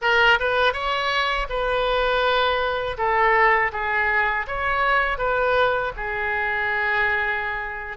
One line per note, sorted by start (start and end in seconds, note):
0.01 0.38 A#4
0.39 0.73 B4
0.73 1.47 C#5
1.48 2.97 B4
2.97 3.71 A4
3.72 4.46 G#4
4.47 5.18 C#5
5.18 5.92 B4
5.96 7.97 G#4